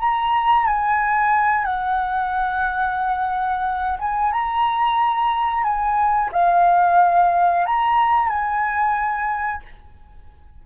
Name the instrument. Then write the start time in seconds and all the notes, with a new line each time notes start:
flute
0.00 A#5
0.66 G#5
1.65 F#5
3.99 G#5
4.32 A#5
5.63 G#5
6.32 F5
7.66 A#5
8.29 G#5